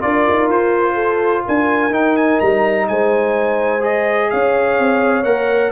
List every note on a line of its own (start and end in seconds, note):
0.00 0.28 D4
0.00 1.90 F4
0.00 0.94 A#4
0.00 0.48 D5
0.29 0.49 D#4
0.49 1.44 F4
0.49 1.45 C5
0.94 1.41 A4
1.46 1.90 D4
1.46 2.89 A#4
1.46 1.93 G#5
1.90 2.37 D#4
1.90 3.80 D#4
1.90 2.16 G5
2.16 2.40 G#5
2.40 2.89 G3
2.40 2.87 A#5
2.88 4.32 G#3
2.88 4.31 C5
2.88 3.83 G#5
3.80 5.23 G#4
3.80 4.30 D#5
4.30 4.78 C#4
4.30 5.72 C#5
4.30 5.23 F5
4.78 5.24 C4
5.23 5.71 A#3
5.23 5.72 A#4
5.23 5.71 F#5